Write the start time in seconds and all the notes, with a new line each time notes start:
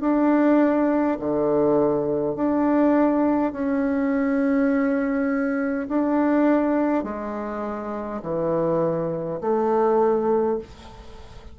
0.00 D4
1.19 D3
2.35 D4
3.52 C#4
5.88 D4
7.03 G#3
8.22 E3
9.41 A3